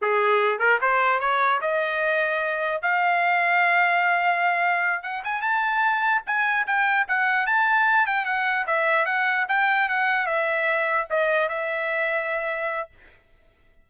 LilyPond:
\new Staff \with { instrumentName = "trumpet" } { \time 4/4 \tempo 4 = 149 gis'4. ais'8 c''4 cis''4 | dis''2. f''4~ | f''1~ | f''8 fis''8 gis''8 a''2 gis''8~ |
gis''8 g''4 fis''4 a''4. | g''8 fis''4 e''4 fis''4 g''8~ | g''8 fis''4 e''2 dis''8~ | dis''8 e''2.~ e''8 | }